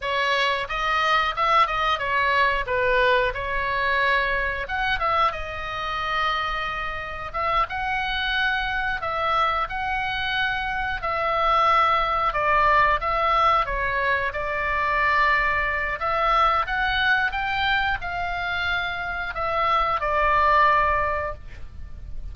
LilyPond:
\new Staff \with { instrumentName = "oboe" } { \time 4/4 \tempo 4 = 90 cis''4 dis''4 e''8 dis''8 cis''4 | b'4 cis''2 fis''8 e''8 | dis''2. e''8 fis''8~ | fis''4. e''4 fis''4.~ |
fis''8 e''2 d''4 e''8~ | e''8 cis''4 d''2~ d''8 | e''4 fis''4 g''4 f''4~ | f''4 e''4 d''2 | }